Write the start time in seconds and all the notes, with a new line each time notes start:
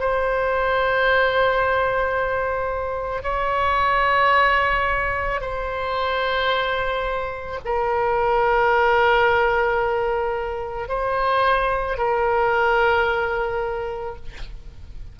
0.00 C5
3.23 C#5
5.41 C5
7.65 A#4
10.89 C5
11.98 A#4